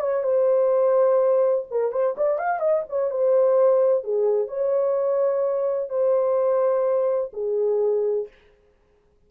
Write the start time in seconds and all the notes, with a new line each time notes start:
0.00 C#5
0.23 C5
1.70 A#4
1.92 C5
2.17 D5
2.38 F5
2.60 D#5
2.89 C#5
3.10 C5
4.04 G#4
4.48 C#5
5.89 C5
7.33 G#4